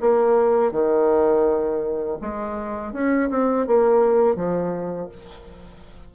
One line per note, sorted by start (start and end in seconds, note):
0.00 0.71 A#3
0.71 2.18 D#3
2.21 2.93 G#3
2.93 3.29 C#4
3.30 3.67 C4
3.67 4.35 A#3
4.35 5.09 F3